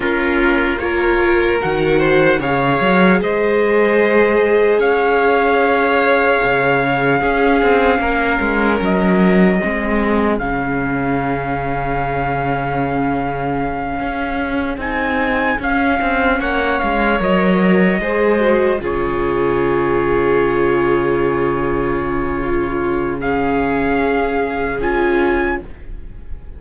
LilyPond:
<<
  \new Staff \with { instrumentName = "trumpet" } { \time 4/4 \tempo 4 = 75 ais'4 cis''4 fis''4 f''4 | dis''2 f''2~ | f''2. dis''4~ | dis''4 f''2.~ |
f''2~ f''8 gis''4 f''8~ | f''8 fis''8 f''8 dis''2 cis''8~ | cis''1~ | cis''4 f''2 gis''4 | }
  \new Staff \with { instrumentName = "violin" } { \time 4/4 f'4 ais'4. c''8 cis''4 | c''2 cis''2~ | cis''4 gis'4 ais'2 | gis'1~ |
gis'1~ | gis'8 cis''2 c''4 gis'8~ | gis'1 | f'4 gis'2. | }
  \new Staff \with { instrumentName = "viola" } { \time 4/4 cis'4 f'4 fis'4 gis'4~ | gis'1~ | gis'4 cis'2. | c'4 cis'2.~ |
cis'2~ cis'8 dis'4 cis'8~ | cis'4. ais'4 gis'8 fis'8 f'8~ | f'1~ | f'4 cis'2 f'4 | }
  \new Staff \with { instrumentName = "cello" } { \time 4/4 ais2 dis4 cis8 fis8 | gis2 cis'2 | cis4 cis'8 c'8 ais8 gis8 fis4 | gis4 cis2.~ |
cis4. cis'4 c'4 cis'8 | c'8 ais8 gis8 fis4 gis4 cis8~ | cis1~ | cis2. cis'4 | }
>>